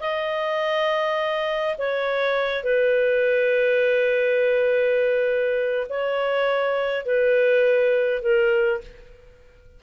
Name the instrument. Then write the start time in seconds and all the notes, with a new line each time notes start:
clarinet
0.00 D#5
1.78 C#5
2.64 B4
5.89 C#5
7.06 B4
8.22 A#4